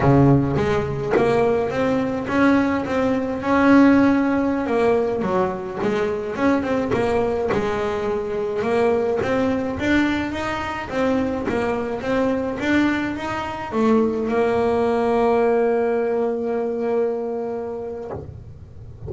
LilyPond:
\new Staff \with { instrumentName = "double bass" } { \time 4/4 \tempo 4 = 106 cis4 gis4 ais4 c'4 | cis'4 c'4 cis'2~ | cis'16 ais4 fis4 gis4 cis'8 c'16~ | c'16 ais4 gis2 ais8.~ |
ais16 c'4 d'4 dis'4 c'8.~ | c'16 ais4 c'4 d'4 dis'8.~ | dis'16 a4 ais2~ ais8.~ | ais1 | }